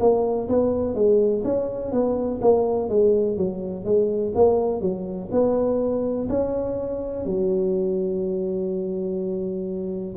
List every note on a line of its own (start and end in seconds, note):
0.00 0.48 A#3
0.49 0.95 B3
0.95 1.43 G#3
1.44 1.92 C#4
1.92 2.41 B3
2.41 2.89 A#3
2.89 3.37 G#3
3.37 3.84 F#3
3.84 4.33 G#3
4.35 4.81 A#3
4.81 5.29 F#3
5.31 6.28 B3
6.29 7.25 C#4
7.25 10.16 F#3